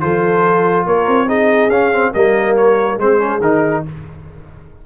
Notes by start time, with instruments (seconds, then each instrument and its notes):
0.00 tuba F3, trombone F4, horn A4, trumpet C5
0.86 tuba A#3, horn A#4, trumpet C#5
1.07 tuba C4
1.27 trombone D#4, horn G#4, trumpet D#5
1.67 tuba C#4, trombone C#4, trumpet F5
1.92 trombone C4
2.13 tuba G3, trombone A#3, horn A#4, trumpet D#5
2.56 trumpet C#5
2.97 tuba G#3, trombone C4, horn G#4, trumpet C5
3.19 trombone C#4
3.40 tuba D#3, trombone D#4, trumpet A#4